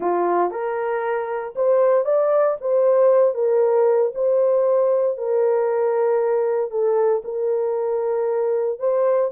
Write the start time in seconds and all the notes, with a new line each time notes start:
0.00 F4
0.50 A#4
1.55 C5
2.05 D5
2.61 C5
3.34 A#4
4.14 C5
5.17 A#4
6.70 A4
7.24 A#4
8.79 C5